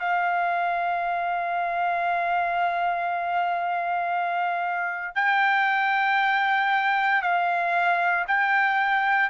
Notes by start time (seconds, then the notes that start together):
0.00 F5
5.15 G5
7.22 F5
8.28 G5